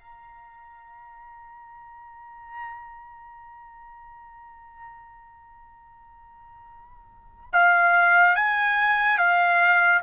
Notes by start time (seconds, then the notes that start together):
0.00 A#5
7.53 F5
8.36 G#5
9.19 F5